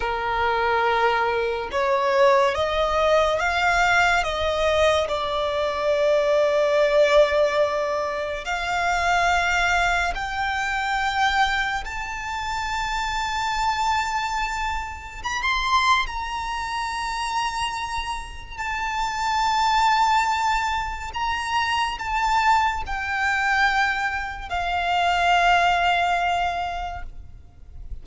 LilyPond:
\new Staff \with { instrumentName = "violin" } { \time 4/4 \tempo 4 = 71 ais'2 cis''4 dis''4 | f''4 dis''4 d''2~ | d''2 f''2 | g''2 a''2~ |
a''2 b''16 c'''8. ais''4~ | ais''2 a''2~ | a''4 ais''4 a''4 g''4~ | g''4 f''2. | }